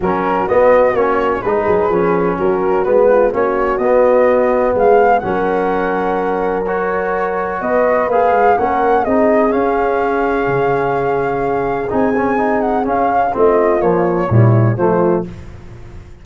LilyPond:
<<
  \new Staff \with { instrumentName = "flute" } { \time 4/4 \tempo 4 = 126 ais'4 dis''4 cis''4 b'4~ | b'4 ais'4 b'4 cis''4 | dis''2 f''4 fis''4~ | fis''2 cis''2 |
dis''4 f''4 fis''4 dis''4 | f''1~ | f''4 gis''4. fis''8 f''4 | dis''4 cis''2 c''4 | }
  \new Staff \with { instrumentName = "horn" } { \time 4/4 fis'2. gis'4~ | gis'4 fis'4. f'8 fis'4~ | fis'2 gis'4 ais'4~ | ais'1 |
b'2 ais'4 gis'4~ | gis'1~ | gis'1 | f'2 e'4 f'4 | }
  \new Staff \with { instrumentName = "trombone" } { \time 4/4 cis'4 b4 cis'4 dis'4 | cis'2 b4 cis'4 | b2. cis'4~ | cis'2 fis'2~ |
fis'4 gis'4 cis'4 dis'4 | cis'1~ | cis'4 dis'8 cis'8 dis'4 cis'4 | c'4 f4 g4 a4 | }
  \new Staff \with { instrumentName = "tuba" } { \time 4/4 fis4 b4 ais4 gis8 fis8 | f4 fis4 gis4 ais4 | b2 gis4 fis4~ | fis1 |
b4 ais8 gis8 ais4 c'4 | cis'2 cis2~ | cis4 c'2 cis'4 | a4 ais4 ais,4 f4 | }
>>